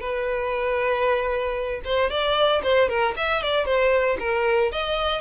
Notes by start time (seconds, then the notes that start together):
0.00 B4
1.84 C5
2.10 D5
2.63 C5
2.88 A#4
3.16 E5
3.42 D5
3.65 C5
4.19 A#4
4.71 D#5